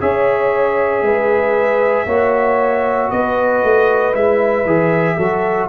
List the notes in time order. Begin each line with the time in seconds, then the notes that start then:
0.00 C#4 G#4 C#5 E5
1.02 G#3 B4
2.06 A#3 F#4 C#5
3.10 B3 B4 D#5
3.63 A3
4.13 G#3 E4 E5
4.65 E3 G#4
5.16 F#3 F#4 A4